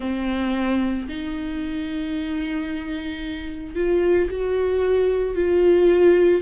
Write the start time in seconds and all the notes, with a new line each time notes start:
0.00 C4
1.08 D#4
3.75 F4
4.30 F#4
5.35 F4